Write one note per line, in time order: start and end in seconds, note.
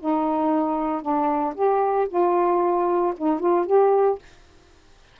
0.00 1.02 D#4
1.02 1.55 D4
1.55 2.08 G4
2.09 3.14 F4
3.17 3.40 D#4
3.40 3.66 F4
3.66 4.19 G4